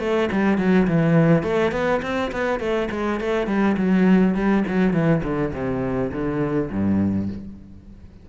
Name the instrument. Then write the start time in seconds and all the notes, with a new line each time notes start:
cello
0.00 A3
0.32 G3
0.58 F#3
0.88 E3
1.43 A3
1.72 B3
2.02 C4
2.32 B3
2.60 A3
2.91 G#3
3.20 A3
3.47 G3
3.77 F#3
4.35 G3
4.68 F#3
4.93 E3
5.24 D3
5.53 C3
6.12 D3
6.71 G2